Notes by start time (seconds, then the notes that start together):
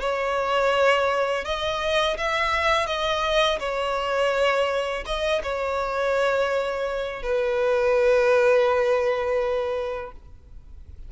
0.00 C#5
1.44 D#5
2.17 E5
2.87 D#5
3.59 C#5
5.05 D#5
5.43 C#5
7.22 B4